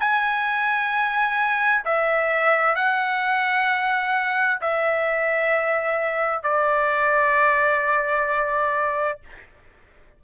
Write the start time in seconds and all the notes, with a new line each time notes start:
0.00 G#5
1.85 E5
2.76 F#5
4.61 E5
6.43 D5